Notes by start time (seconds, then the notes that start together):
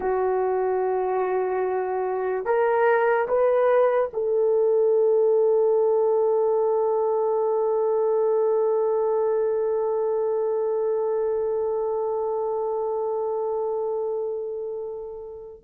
0.00 F#4
2.45 A#4
3.28 B4
4.13 A4